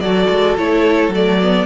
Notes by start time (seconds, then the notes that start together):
0.00 F#3 F#4 A4 D5
0.30 G#3
0.58 A3 E4 C#5
1.08 F#3 A3
1.15 D5
1.41 B3